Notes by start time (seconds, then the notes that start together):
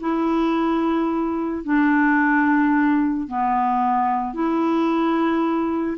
0.00 E4
1.64 D4
3.28 B3
4.34 E4